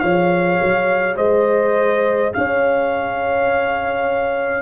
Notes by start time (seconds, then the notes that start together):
0.00 F3 G#4 C#5 F5
0.62 F#3
1.17 G#3 C5 D#5
2.34 C#4 C#5 F5